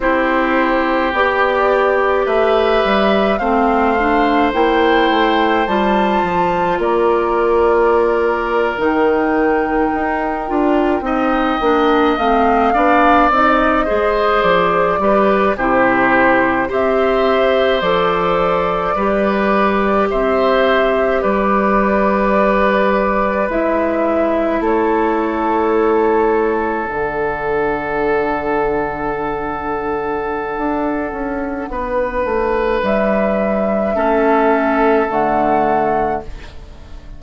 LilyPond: <<
  \new Staff \with { instrumentName = "flute" } { \time 4/4 \tempo 4 = 53 c''4 d''4 e''4 f''4 | g''4 a''4 d''4.~ d''16 g''16~ | g''2~ g''8. f''4 dis''16~ | dis''8. d''4 c''4 e''4 d''16~ |
d''4.~ d''16 e''4 d''4~ d''16~ | d''8. e''4 cis''2 fis''16~ | fis''1~ | fis''4 e''2 fis''4 | }
  \new Staff \with { instrumentName = "oboe" } { \time 4/4 g'2 b'4 c''4~ | c''2 ais'2~ | ais'4.~ ais'16 dis''4. d''8.~ | d''16 c''4 b'8 g'4 c''4~ c''16~ |
c''8. b'4 c''4 b'4~ b'16~ | b'4.~ b'16 a'2~ a'16~ | a'1 | b'2 a'2 | }
  \new Staff \with { instrumentName = "clarinet" } { \time 4/4 e'4 g'2 c'8 d'8 | e'4 f'2~ f'8. dis'16~ | dis'4~ dis'16 f'8 dis'8 d'8 c'8 d'8 dis'16~ | dis'16 gis'4 g'8 e'4 g'4 a'16~ |
a'8. g'2.~ g'16~ | g'8. e'2. d'16~ | d'1~ | d'2 cis'4 a4 | }
  \new Staff \with { instrumentName = "bassoon" } { \time 4/4 c'4 b4 a8 g8 a4 | ais8 a8 g8 f8 ais4.~ ais16 dis16~ | dis8. dis'8 d'8 c'8 ais8 a8 b8 c'16~ | c'16 gis8 f8 g8 c4 c'4 f16~ |
f8. g4 c'4 g4~ g16~ | g8. gis4 a2 d16~ | d2. d'8 cis'8 | b8 a8 g4 a4 d4 | }
>>